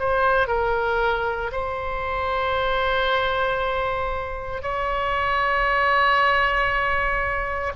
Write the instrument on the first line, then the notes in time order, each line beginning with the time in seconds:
oboe
0.00 C5
0.48 A#4
1.52 C5
4.63 C#5